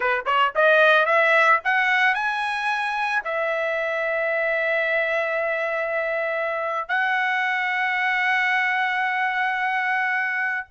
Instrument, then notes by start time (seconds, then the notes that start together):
trumpet
0.00 B4
0.25 C#5
0.55 D#5
1.05 E5
1.64 F#5
2.14 G#5
3.24 E5
6.88 F#5